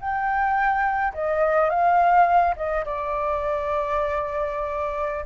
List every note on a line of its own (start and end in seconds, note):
0.00 1.13 G5
1.13 1.70 D#5
1.70 2.54 F5
2.56 2.84 D#5
2.85 5.25 D5